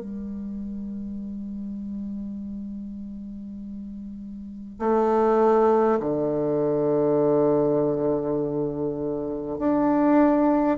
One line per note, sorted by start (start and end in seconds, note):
0.00 4.79 G3
4.79 5.99 A3
6.00 9.58 D3
9.58 10.78 D4